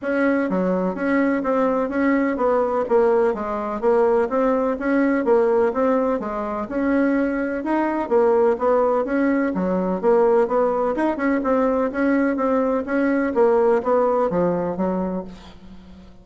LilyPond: \new Staff \with { instrumentName = "bassoon" } { \time 4/4 \tempo 4 = 126 cis'4 fis4 cis'4 c'4 | cis'4 b4 ais4 gis4 | ais4 c'4 cis'4 ais4 | c'4 gis4 cis'2 |
dis'4 ais4 b4 cis'4 | fis4 ais4 b4 dis'8 cis'8 | c'4 cis'4 c'4 cis'4 | ais4 b4 f4 fis4 | }